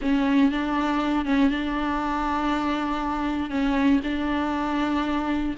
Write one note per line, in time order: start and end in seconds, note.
0.01 0.51 C#4
0.51 1.25 D4
1.25 1.50 C#4
1.50 3.50 D4
3.50 4.00 C#4
4.03 5.55 D4